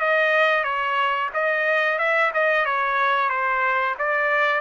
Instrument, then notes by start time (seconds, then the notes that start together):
trumpet
0.00 D#5
0.64 C#5
1.33 D#5
1.98 E5
2.33 D#5
2.65 C#5
3.29 C5
3.98 D5